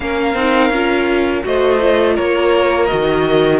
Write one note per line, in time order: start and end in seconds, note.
0.00 0.34 A#3
0.00 0.35 C#4
0.00 1.46 A#4
0.00 1.45 F5
0.34 0.70 C4
0.34 0.72 D#4
0.70 1.42 C#4
0.70 1.42 F4
1.42 2.17 A3
1.42 1.79 F#4
1.42 2.15 C5
1.42 2.17 D#5
1.80 2.88 F4
2.15 2.91 A#3
2.15 3.59 A#4
2.15 2.86 C#5
2.86 3.59 D#3
2.86 3.59 F#4
2.86 3.58 D#5